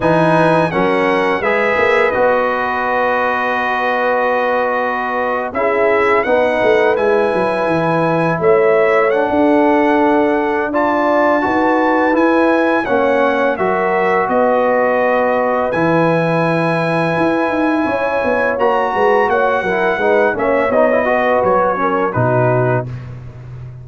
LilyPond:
<<
  \new Staff \with { instrumentName = "trumpet" } { \time 4/4 \tempo 4 = 84 gis''4 fis''4 e''4 dis''4~ | dis''2.~ dis''8. e''16~ | e''8. fis''4 gis''2 e''16~ | e''8. fis''2~ fis''16 a''4~ |
a''4 gis''4 fis''4 e''4 | dis''2 gis''2~ | gis''2 ais''4 fis''4~ | fis''8 e''8 dis''4 cis''4 b'4 | }
  \new Staff \with { instrumentName = "horn" } { \time 4/4 b'4 ais'4 b'2~ | b'2.~ b'8. gis'16~ | gis'8. b'2. cis''16~ | cis''4 a'2 d''4 |
b'2 cis''4 ais'4 | b'1~ | b'4 cis''4. b'8 cis''8 ais'8 | b'8 cis''4 b'4 ais'8 fis'4 | }
  \new Staff \with { instrumentName = "trombone" } { \time 4/4 dis'4 cis'4 gis'4 fis'4~ | fis'2.~ fis'8. e'16~ | e'8. dis'4 e'2~ e'16~ | e'8. d'2~ d'16 f'4 |
fis'4 e'4 cis'4 fis'4~ | fis'2 e'2~ | e'2 fis'4. e'8 | dis'8 cis'8 dis'16 e'16 fis'4 cis'8 dis'4 | }
  \new Staff \with { instrumentName = "tuba" } { \time 4/4 e4 fis4 gis8 ais8 b4~ | b2.~ b8. cis'16~ | cis'8. b8 a8 gis8 fis8 e4 a16~ | a4 d'2. |
dis'4 e'4 ais4 fis4 | b2 e2 | e'8 dis'8 cis'8 b8 ais8 gis8 ais8 fis8 | gis8 ais8 b4 fis4 b,4 | }
>>